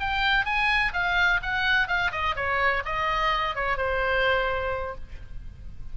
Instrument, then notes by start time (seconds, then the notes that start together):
oboe
0.00 G5
0.45 G#5
0.93 F5
1.42 F#5
1.88 F5
2.11 D#5
2.36 C#5
2.85 D#5
3.55 C#5
3.77 C5